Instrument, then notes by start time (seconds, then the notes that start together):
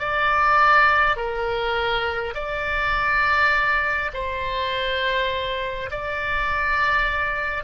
oboe
0.00 D5
1.17 A#4
2.35 D5
4.14 C5
5.91 D5